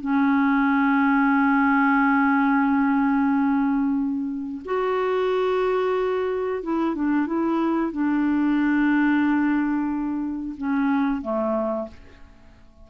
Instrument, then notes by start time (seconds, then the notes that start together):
clarinet
0.00 C#4
4.65 F#4
6.63 E4
6.94 D4
7.26 E4
7.91 D4
10.57 C#4
11.21 A3